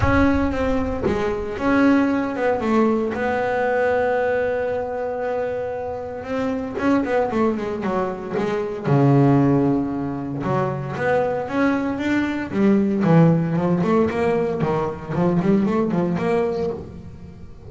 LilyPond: \new Staff \with { instrumentName = "double bass" } { \time 4/4 \tempo 4 = 115 cis'4 c'4 gis4 cis'4~ | cis'8 b8 a4 b2~ | b1 | c'4 cis'8 b8 a8 gis8 fis4 |
gis4 cis2. | fis4 b4 cis'4 d'4 | g4 e4 f8 a8 ais4 | dis4 f8 g8 a8 f8 ais4 | }